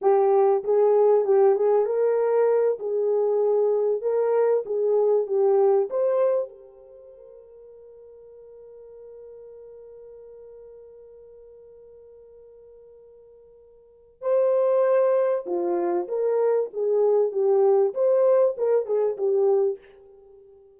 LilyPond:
\new Staff \with { instrumentName = "horn" } { \time 4/4 \tempo 4 = 97 g'4 gis'4 g'8 gis'8 ais'4~ | ais'8 gis'2 ais'4 gis'8~ | gis'8 g'4 c''4 ais'4.~ | ais'1~ |
ais'1~ | ais'2. c''4~ | c''4 f'4 ais'4 gis'4 | g'4 c''4 ais'8 gis'8 g'4 | }